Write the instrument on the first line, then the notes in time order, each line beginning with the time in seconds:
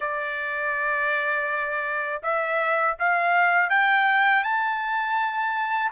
trumpet
0.00 D5
2.23 E5
2.99 F5
3.69 G5
4.43 A5